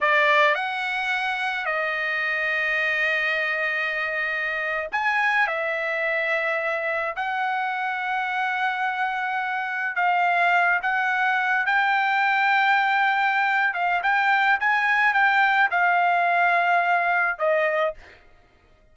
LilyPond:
\new Staff \with { instrumentName = "trumpet" } { \time 4/4 \tempo 4 = 107 d''4 fis''2 dis''4~ | dis''1~ | dis''8. gis''4 e''2~ e''16~ | e''8. fis''2.~ fis''16~ |
fis''4.~ fis''16 f''4. fis''8.~ | fis''8. g''2.~ g''16~ | g''8 f''8 g''4 gis''4 g''4 | f''2. dis''4 | }